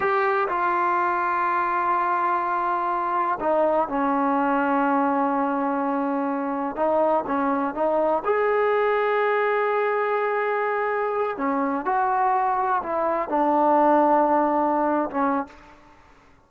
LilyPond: \new Staff \with { instrumentName = "trombone" } { \time 4/4 \tempo 4 = 124 g'4 f'2.~ | f'2. dis'4 | cis'1~ | cis'2 dis'4 cis'4 |
dis'4 gis'2.~ | gis'2.~ gis'8 cis'8~ | cis'8 fis'2 e'4 d'8~ | d'2.~ d'16 cis'8. | }